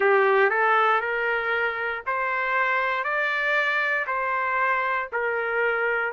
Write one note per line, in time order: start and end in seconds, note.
0.00 0.49 G4
0.49 1.00 A4
1.00 2.02 A#4
2.06 3.04 C5
3.04 4.05 D5
4.07 5.08 C5
5.12 6.12 A#4